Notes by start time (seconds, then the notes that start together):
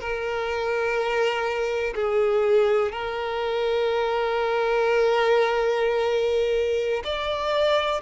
0.00 A#4
1.94 G#4
2.92 A#4
7.04 D5